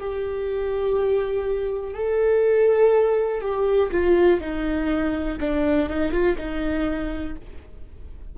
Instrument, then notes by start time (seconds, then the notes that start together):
viola
0.00 G4
1.94 A4
3.42 G4
3.92 F4
4.41 D#4
5.41 D4
5.90 D#4
6.13 F4
6.38 D#4